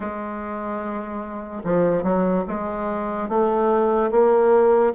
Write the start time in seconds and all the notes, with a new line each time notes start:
0.00 G#3
1.64 F3
2.03 F#3
2.47 G#3
3.28 A3
4.11 A#3